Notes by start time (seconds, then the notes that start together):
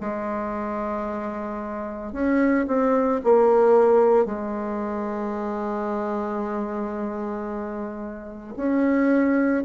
0.00 G#3
2.12 C#4
2.67 C4
3.24 A#3
4.26 G#3
8.57 C#4